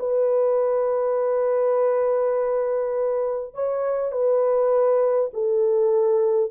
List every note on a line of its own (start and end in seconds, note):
0.00 3.55 B4
3.55 4.12 C#5
4.12 5.31 B4
5.34 6.52 A4